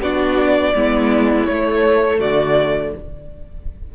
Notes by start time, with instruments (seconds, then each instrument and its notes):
0.00 cello B3, viola D4, violin F#4 D5
0.75 cello G#3, viola B3, violin E4
1.46 cello A3, viola A3, violin C#5
2.19 cello D3, violin F#4 D5